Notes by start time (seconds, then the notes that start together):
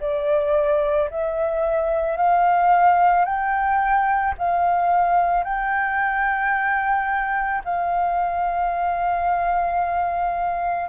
0.00 D5
1.10 E5
2.17 F5
3.25 G5
4.38 F5
5.43 G5
7.65 F5